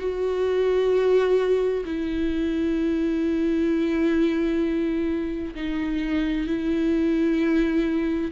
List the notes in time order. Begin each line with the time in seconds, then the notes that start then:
0.00 F#4
1.85 E4
5.55 D#4
6.47 E4